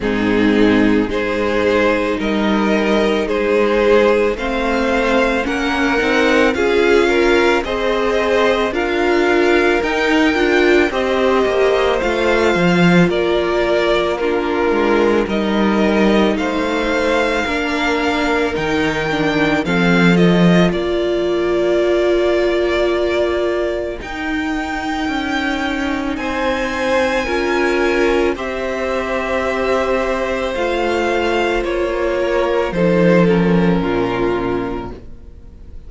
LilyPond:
<<
  \new Staff \with { instrumentName = "violin" } { \time 4/4 \tempo 4 = 55 gis'4 c''4 dis''4 c''4 | f''4 fis''4 f''4 dis''4 | f''4 g''4 dis''4 f''4 | d''4 ais'4 dis''4 f''4~ |
f''4 g''4 f''8 dis''8 d''4~ | d''2 g''2 | gis''2 e''2 | f''4 cis''4 c''8 ais'4. | }
  \new Staff \with { instrumentName = "violin" } { \time 4/4 dis'4 gis'4 ais'4 gis'4 | c''4 ais'4 gis'8 ais'8 c''4 | ais'2 c''2 | ais'4 f'4 ais'4 c''4 |
ais'2 a'4 ais'4~ | ais'1 | c''4 ais'4 c''2~ | c''4. ais'8 a'4 f'4 | }
  \new Staff \with { instrumentName = "viola" } { \time 4/4 c'4 dis'2. | c'4 cis'8 dis'8 f'4 gis'4 | f'4 dis'8 f'8 g'4 f'4~ | f'4 d'4 dis'2 |
d'4 dis'8 d'8 c'8 f'4.~ | f'2 dis'2~ | dis'4 f'4 g'2 | f'2 dis'8 cis'4. | }
  \new Staff \with { instrumentName = "cello" } { \time 4/4 gis,4 gis4 g4 gis4 | a4 ais8 c'8 cis'4 c'4 | d'4 dis'8 d'8 c'8 ais8 a8 f8 | ais4. gis8 g4 a4 |
ais4 dis4 f4 ais4~ | ais2 dis'4 cis'4 | c'4 cis'4 c'2 | a4 ais4 f4 ais,4 | }
>>